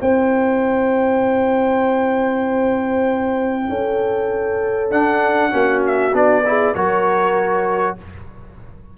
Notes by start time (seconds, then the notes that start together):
0.00 C4 E4 C5 G5
3.69 C#4 A4
4.90 D4 F#5
5.50 A#3 C#4 F#4
5.86 E5
6.13 B3 D4 D5
6.45 E4 G#4
6.74 F#3 F#4 A#4 C#5